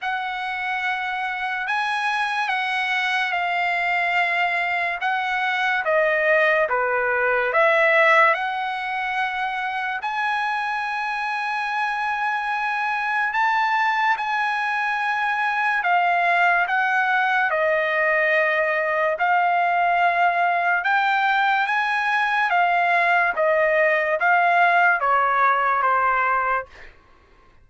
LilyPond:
\new Staff \with { instrumentName = "trumpet" } { \time 4/4 \tempo 4 = 72 fis''2 gis''4 fis''4 | f''2 fis''4 dis''4 | b'4 e''4 fis''2 | gis''1 |
a''4 gis''2 f''4 | fis''4 dis''2 f''4~ | f''4 g''4 gis''4 f''4 | dis''4 f''4 cis''4 c''4 | }